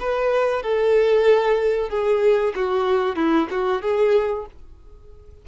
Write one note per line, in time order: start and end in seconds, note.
0.00 0.63 B4
0.63 1.90 A4
1.90 2.54 G#4
2.56 3.16 F#4
3.16 3.48 E4
3.51 3.82 F#4
3.82 4.46 G#4